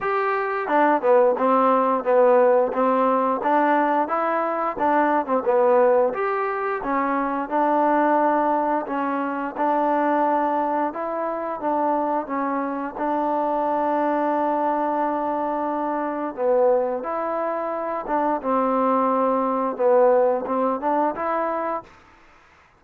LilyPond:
\new Staff \with { instrumentName = "trombone" } { \time 4/4 \tempo 4 = 88 g'4 d'8 b8 c'4 b4 | c'4 d'4 e'4 d'8. c'16 | b4 g'4 cis'4 d'4~ | d'4 cis'4 d'2 |
e'4 d'4 cis'4 d'4~ | d'1 | b4 e'4. d'8 c'4~ | c'4 b4 c'8 d'8 e'4 | }